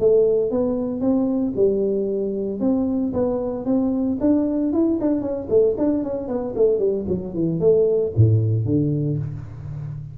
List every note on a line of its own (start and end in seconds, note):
0.00 0.51 A3
0.51 1.01 B3
1.01 1.54 C4
1.56 2.61 G3
2.61 3.13 C4
3.13 3.66 B3
3.66 4.18 C4
4.21 4.73 D4
4.73 5.00 E4
5.01 5.22 D4
5.22 5.48 C#4
5.50 5.76 A3
5.78 6.04 D4
6.04 6.28 C#4
6.28 6.54 B3
6.56 6.79 A3
6.79 7.06 G3
7.09 7.34 F#3
7.34 7.60 E3
7.60 8.13 A3
8.17 8.66 A2
8.66 9.18 D3